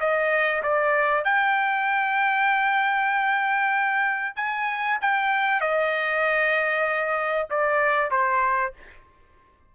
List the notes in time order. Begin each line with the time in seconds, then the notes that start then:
0.00 D#5
0.63 D5
1.24 G5
4.36 G#5
5.01 G5
5.61 D#5
7.50 D5
8.11 C5